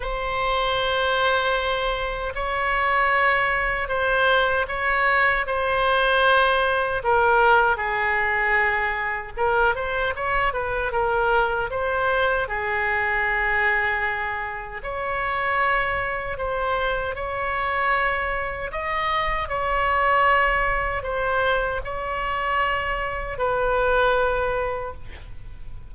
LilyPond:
\new Staff \with { instrumentName = "oboe" } { \time 4/4 \tempo 4 = 77 c''2. cis''4~ | cis''4 c''4 cis''4 c''4~ | c''4 ais'4 gis'2 | ais'8 c''8 cis''8 b'8 ais'4 c''4 |
gis'2. cis''4~ | cis''4 c''4 cis''2 | dis''4 cis''2 c''4 | cis''2 b'2 | }